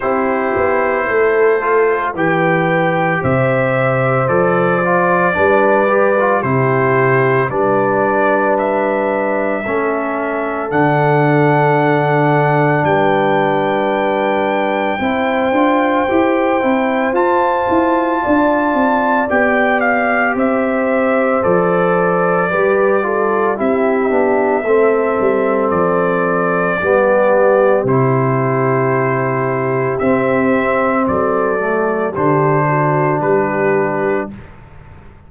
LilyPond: <<
  \new Staff \with { instrumentName = "trumpet" } { \time 4/4 \tempo 4 = 56 c''2 g''4 e''4 | d''2 c''4 d''4 | e''2 fis''2 | g''1 |
a''2 g''8 f''8 e''4 | d''2 e''2 | d''2 c''2 | e''4 d''4 c''4 b'4 | }
  \new Staff \with { instrumentName = "horn" } { \time 4/4 g'4 a'4 b'4 c''4~ | c''4 b'4 g'4 b'4~ | b'4 a'2. | b'2 c''2~ |
c''4 d''2 c''4~ | c''4 b'8 a'8 g'4 a'4~ | a'4 g'2.~ | g'4 a'4 g'8 fis'8 g'4 | }
  \new Staff \with { instrumentName = "trombone" } { \time 4/4 e'4. f'8 g'2 | a'8 f'8 d'8 g'16 f'16 e'4 d'4~ | d'4 cis'4 d'2~ | d'2 e'8 f'8 g'8 e'8 |
f'2 g'2 | a'4 g'8 f'8 e'8 d'8 c'4~ | c'4 b4 e'2 | c'4. a8 d'2 | }
  \new Staff \with { instrumentName = "tuba" } { \time 4/4 c'8 b8 a4 e4 c4 | f4 g4 c4 g4~ | g4 a4 d2 | g2 c'8 d'8 e'8 c'8 |
f'8 e'8 d'8 c'8 b4 c'4 | f4 g4 c'8 b8 a8 g8 | f4 g4 c2 | c'4 fis4 d4 g4 | }
>>